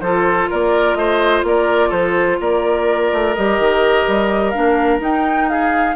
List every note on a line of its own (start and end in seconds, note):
0.00 0.48 F3
0.00 3.35 F4
0.00 0.50 A4
0.00 0.48 C5
0.50 0.95 A#3
0.50 0.97 A#4
0.50 0.94 D5
0.94 1.42 A3
0.94 1.45 C5
0.94 1.42 D#5
1.43 1.90 A#3
1.43 1.89 A#4
1.43 1.91 D5
1.89 2.38 F3
1.89 2.36 A4
1.89 2.39 C5
2.40 3.11 A#3
2.40 5.50 A#4
2.40 3.34 D5
3.12 3.36 A3
3.34 3.59 G3
3.34 4.53 G4
3.34 4.50 D#5
3.59 4.06 D#3
4.07 4.54 G3
4.50 5.00 D4
4.50 4.97 F5
4.56 4.99 A#3
4.99 5.94 D#4
4.99 5.95 D#4
4.99 5.48 G5
5.48 5.95 G#4
5.48 5.95 F5